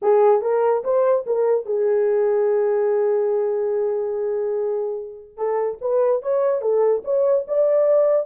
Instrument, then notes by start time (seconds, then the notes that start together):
horn
0.02 G#4
0.41 A#4
0.84 C5
1.26 A#4
1.65 G#4
5.37 A4
5.81 B4
6.22 C#5
6.61 A4
7.04 C#5
7.47 D5